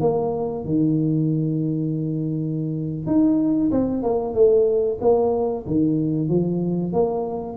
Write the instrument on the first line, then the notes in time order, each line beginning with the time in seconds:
tuba
0.00 A#3
0.65 D#3
3.06 D#4
3.71 C4
4.02 A#3
4.34 A3
5.00 A#3
5.66 D#3
6.29 F3
6.93 A#3